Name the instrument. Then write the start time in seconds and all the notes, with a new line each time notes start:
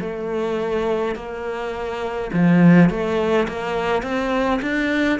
cello
0.00 A3
1.15 A#3
2.33 F3
2.90 A3
3.48 A#3
4.02 C4
4.62 D4